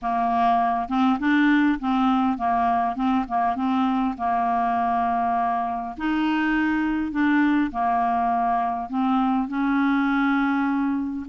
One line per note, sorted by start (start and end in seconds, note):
0.01 0.89 A#3
0.89 1.18 C4
1.19 1.78 D4
1.79 2.37 C4
2.37 2.95 A#3
2.95 3.25 C4
3.28 3.55 A#3
3.55 4.15 C4
4.17 5.95 A#3
5.97 7.11 D#4
7.11 7.70 D4
7.71 8.89 A#3
8.89 9.48 C4
9.48 11.26 C#4